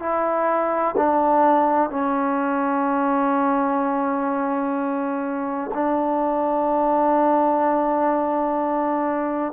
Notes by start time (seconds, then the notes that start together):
0.00 E4
0.97 D4
1.90 C#4
5.74 D4